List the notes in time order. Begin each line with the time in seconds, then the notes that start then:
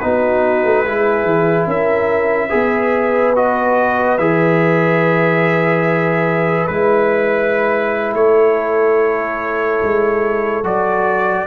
0.00 B3 D#4 F#4 B4
0.64 A3
0.85 G#3 E4 G#4
1.24 E3
1.67 C#4 A#4 E5
2.49 B3 G#4 B4
3.35 F#4 D#5
4.18 E3 G#4 E5
6.67 G#3 E4 B4
8.13 A3 A4 C#5
9.83 G#3
10.62 F#3 F#4 D5